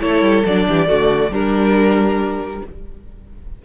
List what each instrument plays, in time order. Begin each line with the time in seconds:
0.00 cello A3, viola E4, violin A4 C#5
0.21 cello G3
0.45 cello F#3, viola D4, violin D5
0.67 cello E3, violin G4
0.86 cello D3, viola A3, violin F#4
1.30 cello G3, viola G3, violin D4 A#4